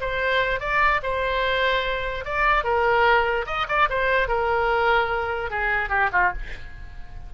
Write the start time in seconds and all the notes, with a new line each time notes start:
0.00 C5
0.59 D5
1.03 C5
2.24 D5
2.63 A#4
3.46 D#5
3.68 D5
3.89 C5
4.28 A#4
5.50 G#4
5.89 G4
6.12 F4